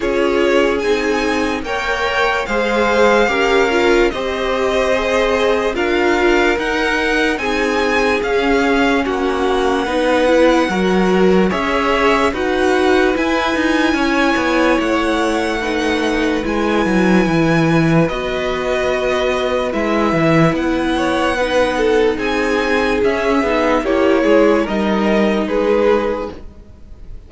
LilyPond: <<
  \new Staff \with { instrumentName = "violin" } { \time 4/4 \tempo 4 = 73 cis''4 gis''4 g''4 f''4~ | f''4 dis''2 f''4 | fis''4 gis''4 f''4 fis''4~ | fis''2 e''4 fis''4 |
gis''2 fis''2 | gis''2 dis''2 | e''4 fis''2 gis''4 | e''4 cis''4 dis''4 b'4 | }
  \new Staff \with { instrumentName = "violin" } { \time 4/4 gis'2 cis''4 c''4 | ais'4 c''2 ais'4~ | ais'4 gis'2 fis'4 | b'4 ais'4 cis''4 b'4~ |
b'4 cis''2 b'4~ | b'1~ | b'4. cis''8 b'8 a'8 gis'4~ | gis'4 g'8 gis'8 ais'4 gis'4 | }
  \new Staff \with { instrumentName = "viola" } { \time 4/4 f'4 dis'4 ais'4 gis'4 | g'8 f'8 g'4 gis'4 f'4 | dis'2 cis'2 | dis'8 e'8 fis'4 gis'4 fis'4 |
e'2. dis'4 | e'2 fis'2 | e'2 dis'2 | cis'8 dis'8 e'4 dis'2 | }
  \new Staff \with { instrumentName = "cello" } { \time 4/4 cis'4 c'4 ais4 gis4 | cis'4 c'2 d'4 | dis'4 c'4 cis'4 ais4 | b4 fis4 cis'4 dis'4 |
e'8 dis'8 cis'8 b8 a2 | gis8 fis8 e4 b2 | gis8 e8 b2 c'4 | cis'8 b8 ais8 gis8 g4 gis4 | }
>>